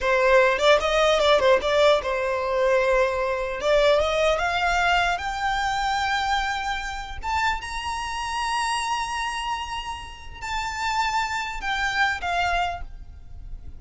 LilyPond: \new Staff \with { instrumentName = "violin" } { \time 4/4 \tempo 4 = 150 c''4. d''8 dis''4 d''8 c''8 | d''4 c''2.~ | c''4 d''4 dis''4 f''4~ | f''4 g''2.~ |
g''2 a''4 ais''4~ | ais''1~ | ais''2 a''2~ | a''4 g''4. f''4. | }